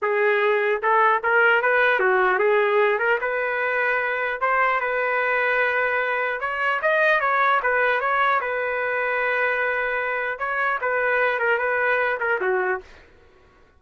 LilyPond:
\new Staff \with { instrumentName = "trumpet" } { \time 4/4 \tempo 4 = 150 gis'2 a'4 ais'4 | b'4 fis'4 gis'4. ais'8 | b'2. c''4 | b'1 |
cis''4 dis''4 cis''4 b'4 | cis''4 b'2.~ | b'2 cis''4 b'4~ | b'8 ais'8 b'4. ais'8 fis'4 | }